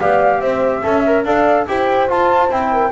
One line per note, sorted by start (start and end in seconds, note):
0.00 0.41 B3
0.00 0.82 G4
0.00 0.40 D5
0.00 0.40 F5
0.40 0.82 C4
0.40 0.82 C5
0.40 1.24 E5
0.82 1.24 C#4
0.82 1.03 A4
0.82 1.25 E5
1.06 1.26 A#4
1.24 1.66 D4
1.24 1.67 A4
1.24 1.68 D5
1.24 1.66 F5
1.66 2.10 E4
1.66 2.08 G4
1.66 2.72 C5
1.66 2.08 G5
2.08 2.49 F4
2.08 2.51 A5
2.49 2.91 C4
2.49 2.91 E4
2.49 2.91 G5
2.72 2.91 A#4